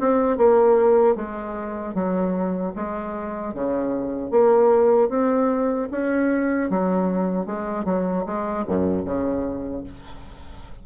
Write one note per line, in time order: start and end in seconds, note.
0.00 0.37 C4
0.37 1.16 A#3
1.16 1.94 G#3
1.94 2.73 F#3
2.76 3.54 G#3
3.54 4.31 C#3
4.31 5.09 A#3
5.09 5.88 C4
5.91 6.70 C#4
6.70 7.46 F#3
7.46 7.85 G#3
7.85 8.24 F#3
8.26 8.65 G#3
8.67 9.05 F#2
9.05 9.84 C#3